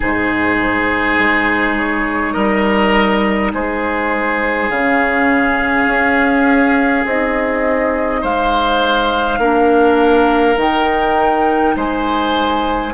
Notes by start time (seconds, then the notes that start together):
0.00 G#2 D#4 G#4 C5
1.18 G#3
1.77 C#5
2.33 G3 A#4 D#5
3.53 G#3 G#4 C5
4.69 C#3 C#4 F5
5.87 C#4
7.05 C4 D#4 D#5
8.21 G#3 C5 F5
9.38 A#3 D4 A#4
10.56 D#3 D#4 G5
11.75 G#3 C5 G#5